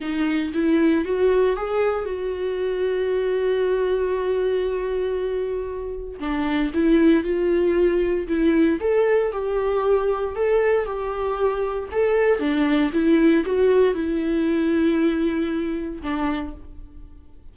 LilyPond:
\new Staff \with { instrumentName = "viola" } { \time 4/4 \tempo 4 = 116 dis'4 e'4 fis'4 gis'4 | fis'1~ | fis'1 | d'4 e'4 f'2 |
e'4 a'4 g'2 | a'4 g'2 a'4 | d'4 e'4 fis'4 e'4~ | e'2. d'4 | }